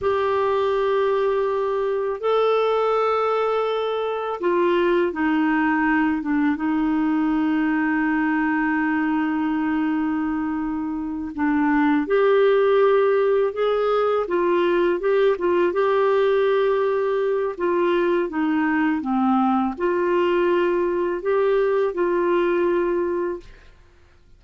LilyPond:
\new Staff \with { instrumentName = "clarinet" } { \time 4/4 \tempo 4 = 82 g'2. a'4~ | a'2 f'4 dis'4~ | dis'8 d'8 dis'2.~ | dis'2.~ dis'8 d'8~ |
d'8 g'2 gis'4 f'8~ | f'8 g'8 f'8 g'2~ g'8 | f'4 dis'4 c'4 f'4~ | f'4 g'4 f'2 | }